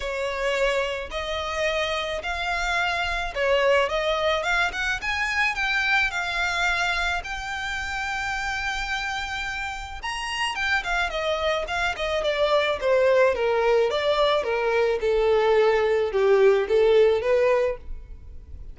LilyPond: \new Staff \with { instrumentName = "violin" } { \time 4/4 \tempo 4 = 108 cis''2 dis''2 | f''2 cis''4 dis''4 | f''8 fis''8 gis''4 g''4 f''4~ | f''4 g''2.~ |
g''2 ais''4 g''8 f''8 | dis''4 f''8 dis''8 d''4 c''4 | ais'4 d''4 ais'4 a'4~ | a'4 g'4 a'4 b'4 | }